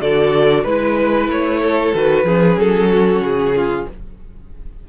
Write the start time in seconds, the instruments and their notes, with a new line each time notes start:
0.00 cello D3, viola F#4, violin A4 D5
0.63 cello G#3, viola E4, violin B4
1.28 cello A3, violin C#5
1.61 violin A4
1.94 cello D#3, viola F#4, violin B4
2.24 cello F3, viola C#4, violin G#4
2.56 cello F#3, violin A4
2.90 violin F#4
3.20 cello C#3, violin G#4
3.56 violin F4